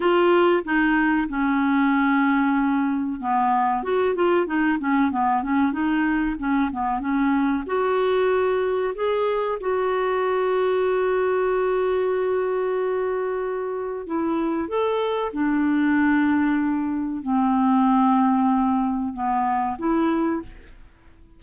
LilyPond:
\new Staff \with { instrumentName = "clarinet" } { \time 4/4 \tempo 4 = 94 f'4 dis'4 cis'2~ | cis'4 b4 fis'8 f'8 dis'8 cis'8 | b8 cis'8 dis'4 cis'8 b8 cis'4 | fis'2 gis'4 fis'4~ |
fis'1~ | fis'2 e'4 a'4 | d'2. c'4~ | c'2 b4 e'4 | }